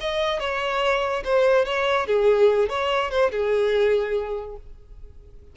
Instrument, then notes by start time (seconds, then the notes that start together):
violin
0.00 D#5
0.39 C#5
1.24 C5
1.65 C#5
2.06 G#4
2.69 C#5
3.10 C5
3.31 G#4